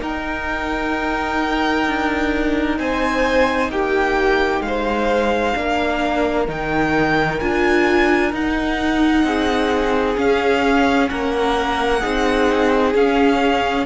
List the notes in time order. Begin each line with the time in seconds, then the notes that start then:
0.00 D#4 A#4 G5
1.87 D4
2.78 C4 C5 G#5
3.70 A#3 G4 G5
4.61 G#3 C5 F5
5.55 A#3 D4 A#4
6.48 D#3 D#4 G5
7.40 D4 F4 G#5
8.33 D#4 F#5
9.24 C4 G#4
10.16 C#4 F5
11.09 A#3 A#4 F#5
12.01 C4 D#4 G#4
12.94 C#4 F5